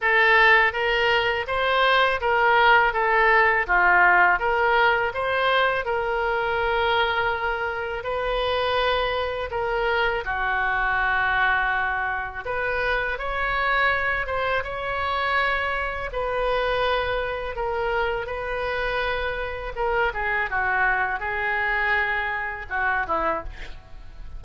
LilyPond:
\new Staff \with { instrumentName = "oboe" } { \time 4/4 \tempo 4 = 82 a'4 ais'4 c''4 ais'4 | a'4 f'4 ais'4 c''4 | ais'2. b'4~ | b'4 ais'4 fis'2~ |
fis'4 b'4 cis''4. c''8 | cis''2 b'2 | ais'4 b'2 ais'8 gis'8 | fis'4 gis'2 fis'8 e'8 | }